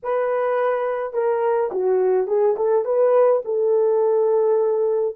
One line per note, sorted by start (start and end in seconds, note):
0.02 1.13 B4
1.13 1.70 A#4
1.71 2.27 F#4
2.27 2.55 G#4
2.56 2.84 A4
2.84 3.41 B4
3.44 5.16 A4